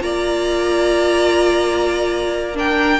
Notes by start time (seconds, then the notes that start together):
0.00 A#3 F4 D5 A#5
2.55 D4 A#4 G5